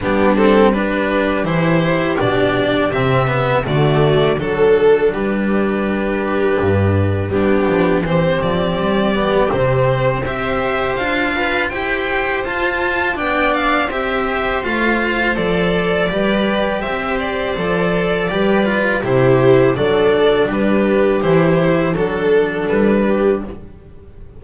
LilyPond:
<<
  \new Staff \with { instrumentName = "violin" } { \time 4/4 \tempo 4 = 82 g'8 a'8 b'4 c''4 d''4 | e''4 d''4 a'4 b'4~ | b'2 g'4 c''8 d''8~ | d''4 c''4 e''4 f''4 |
g''4 a''4 g''8 f''8 e''4 | f''4 d''2 e''8 d''8~ | d''2 c''4 d''4 | b'4 c''4 a'4 b'4 | }
  \new Staff \with { instrumentName = "viola" } { \time 4/4 d'4 g'2.~ | g'4 fis'4 a'4 g'4~ | g'2 d'4 g'4~ | g'2 c''4. b'8 |
c''2 d''4 c''4~ | c''2 b'4 c''4~ | c''4 b'4 g'4 a'4 | g'2 a'4. g'8 | }
  \new Staff \with { instrumentName = "cello" } { \time 4/4 b8 c'8 d'4 e'4 d'4 | c'8 b8 a4 d'2~ | d'2 b4 c'4~ | c'8 b8 c'4 g'4 f'4 |
g'4 f'4 d'4 g'4 | f'4 a'4 g'2 | a'4 g'8 f'8 e'4 d'4~ | d'4 e'4 d'2 | }
  \new Staff \with { instrumentName = "double bass" } { \time 4/4 g2 e4 b,4 | c4 d4 fis4 g4~ | g4 g,4 g8 f8 e8 f8 | g4 c4 c'4 d'4 |
e'4 f'4 b4 c'4 | a4 f4 g4 c'4 | f4 g4 c4 fis4 | g4 e4 fis4 g4 | }
>>